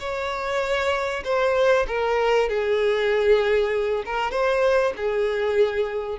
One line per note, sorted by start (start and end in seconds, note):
0.00 1.24 C#5
1.25 1.86 C5
1.88 2.49 A#4
2.49 4.04 G#4
4.06 4.32 A#4
4.32 4.93 C5
4.97 6.19 G#4